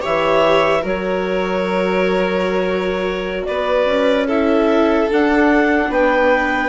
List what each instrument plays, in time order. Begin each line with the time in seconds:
0.00 bassoon E3, viola G4, violin C#5, clarinet E5
0.82 bassoon F#3, viola F#4, violin A#4, clarinet C#5
3.46 bassoon B3, violin B4, clarinet D5
3.85 bassoon C#4
4.27 viola E4, violin A4, clarinet E5
5.10 viola D4, bassoon D4, clarinet F#5
5.90 bassoon B3, violin B4, clarinet G5